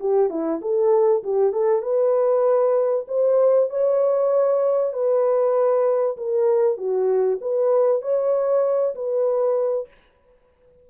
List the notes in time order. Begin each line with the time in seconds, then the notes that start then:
0.00 G4
0.30 E4
0.61 A4
1.24 G4
1.53 A4
1.82 B4
3.08 C5
3.70 C#5
4.93 B4
6.17 A#4
6.77 F#4
7.41 B4
8.02 C#5
8.95 B4